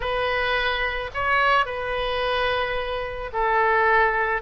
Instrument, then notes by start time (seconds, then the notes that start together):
oboe
0.00 B4
1.14 C#5
1.65 B4
3.32 A4